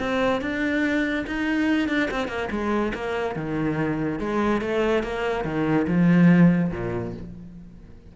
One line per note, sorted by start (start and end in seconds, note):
0.00 0.42 C4
0.42 1.25 D4
1.27 1.89 D#4
1.89 2.10 D4
2.11 2.28 C4
2.28 2.49 A#3
2.51 2.93 G#3
2.95 3.36 A#3
3.36 4.20 D#3
4.20 4.62 G#3
4.62 5.03 A3
5.03 5.45 A#3
5.45 5.87 D#3
5.88 6.72 F3
6.72 7.14 A#2